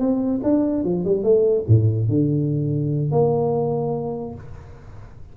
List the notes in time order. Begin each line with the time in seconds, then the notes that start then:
0.00 C4
0.44 D4
0.84 F3
1.05 G3
1.24 A3
1.68 A2
2.09 D3
3.12 A#3